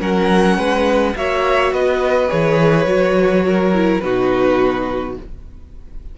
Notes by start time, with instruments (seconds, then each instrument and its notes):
0.00 cello F#3, viola C#4, violin A#4 F#5
0.56 cello G#3, violin B4
1.15 cello A#3, viola F#4, violin C#5 E5
1.72 cello B3, violin B4 D#5
2.28 cello E3, viola G#4, violin C#5
2.85 cello F#3, viola F#4
3.46 violin A#4
3.74 viola E4
4.00 cello B2, viola D#4, violin F#4 B4